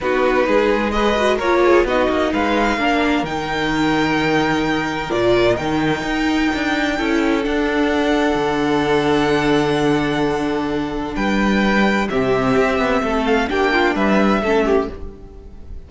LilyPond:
<<
  \new Staff \with { instrumentName = "violin" } { \time 4/4 \tempo 4 = 129 b'2 dis''4 cis''4 | dis''4 f''2 g''4~ | g''2. d''4 | g''1 |
fis''1~ | fis''1 | g''2 e''2~ | e''8 f''8 g''4 e''2 | }
  \new Staff \with { instrumentName = "violin" } { \time 4/4 fis'4 gis'4 b'4 ais'8 gis'8 | fis'4 b'4 ais'2~ | ais'1~ | ais'2. a'4~ |
a'1~ | a'1 | b'2 g'2 | a'4 g'8 f'8 b'4 a'8 g'8 | }
  \new Staff \with { instrumentName = "viola" } { \time 4/4 dis'2 gis'8 fis'8 f'4 | dis'2 d'4 dis'4~ | dis'2. f'4 | dis'2. e'4 |
d'1~ | d'1~ | d'2 c'2~ | c'4 d'2 cis'4 | }
  \new Staff \with { instrumentName = "cello" } { \time 4/4 b4 gis2 ais4 | b8 ais8 gis4 ais4 dis4~ | dis2. ais,4 | dis4 dis'4 d'4 cis'4 |
d'2 d2~ | d1 | g2 c4 c'8 b8 | a4 ais4 g4 a4 | }
>>